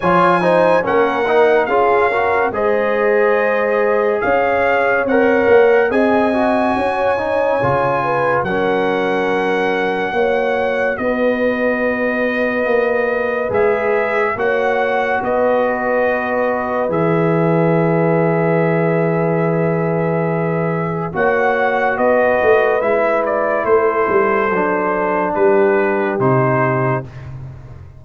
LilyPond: <<
  \new Staff \with { instrumentName = "trumpet" } { \time 4/4 \tempo 4 = 71 gis''4 fis''4 f''4 dis''4~ | dis''4 f''4 fis''4 gis''4~ | gis''2 fis''2~ | fis''4 dis''2. |
e''4 fis''4 dis''2 | e''1~ | e''4 fis''4 dis''4 e''8 d''8 | c''2 b'4 c''4 | }
  \new Staff \with { instrumentName = "horn" } { \time 4/4 cis''8 c''8 ais'4 gis'8 ais'8 c''4~ | c''4 cis''2 dis''4 | cis''4. b'8 ais'2 | cis''4 b'2.~ |
b'4 cis''4 b'2~ | b'1~ | b'4 cis''4 b'2 | a'2 g'2 | }
  \new Staff \with { instrumentName = "trombone" } { \time 4/4 f'8 dis'8 cis'8 dis'8 f'8 fis'8 gis'4~ | gis'2 ais'4 gis'8 fis'8~ | fis'8 dis'8 f'4 cis'2 | fis'1 |
gis'4 fis'2. | gis'1~ | gis'4 fis'2 e'4~ | e'4 d'2 dis'4 | }
  \new Staff \with { instrumentName = "tuba" } { \time 4/4 f4 ais4 cis'4 gis4~ | gis4 cis'4 c'8 ais8 c'4 | cis'4 cis4 fis2 | ais4 b2 ais4 |
gis4 ais4 b2 | e1~ | e4 ais4 b8 a8 gis4 | a8 g8 fis4 g4 c4 | }
>>